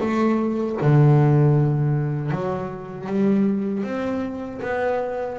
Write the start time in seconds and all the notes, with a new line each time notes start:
0.00 A3
0.81 D3
2.31 F#3
3.07 G3
3.84 C4
4.62 B3